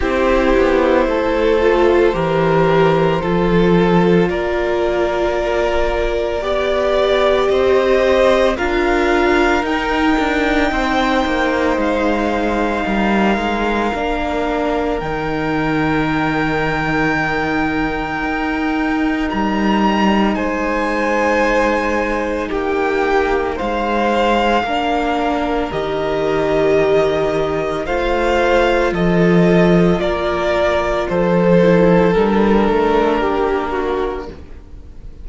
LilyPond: <<
  \new Staff \with { instrumentName = "violin" } { \time 4/4 \tempo 4 = 56 c''1 | d''2. dis''4 | f''4 g''2 f''4~ | f''2 g''2~ |
g''2 ais''4 gis''4~ | gis''4 g''4 f''2 | dis''2 f''4 dis''4 | d''4 c''4 ais'2 | }
  \new Staff \with { instrumentName = "violin" } { \time 4/4 g'4 a'4 ais'4 a'4 | ais'2 d''4 c''4 | ais'2 c''2 | ais'1~ |
ais'2. c''4~ | c''4 g'4 c''4 ais'4~ | ais'2 c''4 a'4 | ais'4 a'2 g'8 fis'8 | }
  \new Staff \with { instrumentName = "viola" } { \time 4/4 e'4. f'8 g'4 f'4~ | f'2 g'2 | f'4 dis'2.~ | dis'4 d'4 dis'2~ |
dis'1~ | dis'2. d'4 | g'2 f'2~ | f'4. e'8 d'2 | }
  \new Staff \with { instrumentName = "cello" } { \time 4/4 c'8 b8 a4 e4 f4 | ais2 b4 c'4 | d'4 dis'8 d'8 c'8 ais8 gis4 | g8 gis8 ais4 dis2~ |
dis4 dis'4 g4 gis4~ | gis4 ais4 gis4 ais4 | dis2 a4 f4 | ais4 f4 g8 a8 ais4 | }
>>